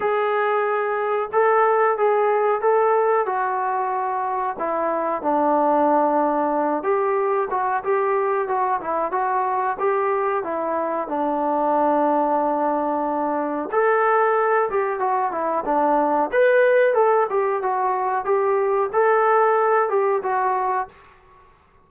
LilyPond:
\new Staff \with { instrumentName = "trombone" } { \time 4/4 \tempo 4 = 92 gis'2 a'4 gis'4 | a'4 fis'2 e'4 | d'2~ d'8 g'4 fis'8 | g'4 fis'8 e'8 fis'4 g'4 |
e'4 d'2.~ | d'4 a'4. g'8 fis'8 e'8 | d'4 b'4 a'8 g'8 fis'4 | g'4 a'4. g'8 fis'4 | }